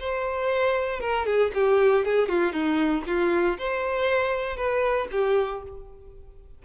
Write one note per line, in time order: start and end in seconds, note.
0.00 1.00 C5
1.00 1.26 A#4
1.26 1.51 G#4
1.54 2.05 G4
2.05 2.28 G#4
2.28 2.53 F4
2.53 3.04 D#4
3.07 3.58 F4
3.58 4.56 C5
4.56 5.08 B4
5.11 5.63 G4